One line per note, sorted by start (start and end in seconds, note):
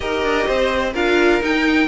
0.00 0.23 D#4
0.00 0.94 G4
0.00 0.46 A#4
0.00 0.93 D#5
0.23 0.46 D4
0.46 0.94 C4
0.46 0.93 C5
0.93 1.41 D4
0.93 1.41 F4
0.93 1.87 A#4
0.93 1.42 F5
1.41 1.88 D#4
1.41 1.88 G5